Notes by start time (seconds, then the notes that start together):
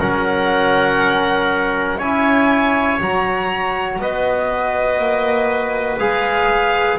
0.00 F#3 C#4 A#4 F#5
1.99 C#4 E4 C#5 G#5
3.00 F#3 F#4 A#5
3.99 B3 B4 D#5
4.99 A#3
5.99 G#3 G#4 F5